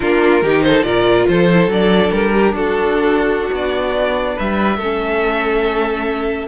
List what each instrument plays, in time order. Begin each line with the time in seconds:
0.00 cello A#3, viola D4, violin F4 A#4
0.42 cello D#3, viola D#4, violin G4
0.61 violin A4 C5
0.82 cello A#2, viola F4, violin A#4 D5
1.28 cello F3, violin A4 C5
1.51 viola E4
1.68 cello F#3, viola D4, violin D5
2.11 cello G3, violin A#4
2.32 violin G4
2.53 cello D4, violin F#4 A4
3.51 cello B3, violin D5
4.35 cello G3, violin B4 E5
4.77 cello A3, viola C#4, violin A4